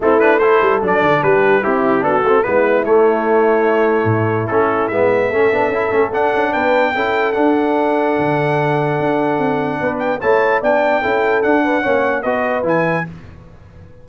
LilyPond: <<
  \new Staff \with { instrumentName = "trumpet" } { \time 4/4 \tempo 4 = 147 a'8 b'8 c''4 d''4 b'4 | g'4 a'4 b'4 cis''4~ | cis''2. a'4 | e''2. fis''4 |
g''2 fis''2~ | fis''1~ | fis''8 g''8 a''4 g''2 | fis''2 dis''4 gis''4 | }
  \new Staff \with { instrumentName = "horn" } { \time 4/4 e'4 a'2 g'4 | e'4 fis'4 e'2~ | e'1~ | e'4 a'2. |
b'4 a'2.~ | a'1 | b'4 cis''4 d''4 a'4~ | a'8 b'8 cis''4 b'2 | }
  \new Staff \with { instrumentName = "trombone" } { \time 4/4 c'8 d'8 e'4 d'2 | e'4 d'8 c'8 b4 a4~ | a2. cis'4 | b4 cis'8 d'8 e'8 cis'8 d'4~ |
d'4 e'4 d'2~ | d'1~ | d'4 e'4 d'4 e'4 | d'4 cis'4 fis'4 e'4 | }
  \new Staff \with { instrumentName = "tuba" } { \time 4/4 a4. g8 fis8 d8 g4 | c'4 b8 a8 gis4 a4~ | a2 a,4 a4 | gis4 a8 b8 cis'8 a8 d'8 cis'8 |
b4 cis'4 d'2 | d2 d'4 c'4 | b4 a4 b4 cis'4 | d'4 ais4 b4 e4 | }
>>